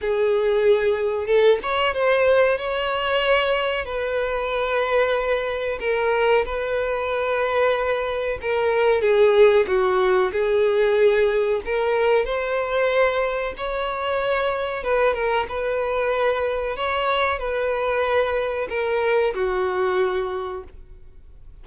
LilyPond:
\new Staff \with { instrumentName = "violin" } { \time 4/4 \tempo 4 = 93 gis'2 a'8 cis''8 c''4 | cis''2 b'2~ | b'4 ais'4 b'2~ | b'4 ais'4 gis'4 fis'4 |
gis'2 ais'4 c''4~ | c''4 cis''2 b'8 ais'8 | b'2 cis''4 b'4~ | b'4 ais'4 fis'2 | }